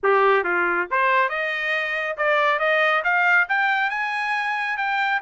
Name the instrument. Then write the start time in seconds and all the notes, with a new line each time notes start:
trumpet
0.03 G4
0.43 F4
0.90 C5
1.29 D#5
2.17 D5
2.59 D#5
3.04 F5
3.48 G5
3.90 G#5
4.77 G5